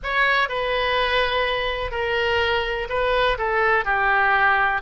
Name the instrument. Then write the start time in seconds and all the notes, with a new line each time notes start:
oboe
0.03 C#5
0.48 B4
1.91 A#4
2.89 B4
3.37 A4
3.84 G4